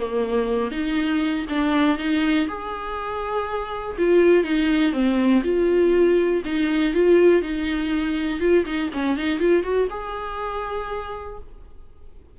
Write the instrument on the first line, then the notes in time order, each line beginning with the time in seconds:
viola
0.00 A#3
0.71 D#4
1.49 D4
1.98 D#4
2.48 G#4
3.98 F4
4.44 D#4
4.93 C4
5.44 F4
6.45 D#4
6.94 F4
7.42 D#4
8.40 F4
8.66 D#4
8.94 C#4
9.18 D#4
9.40 F4
9.64 F#4
9.90 G#4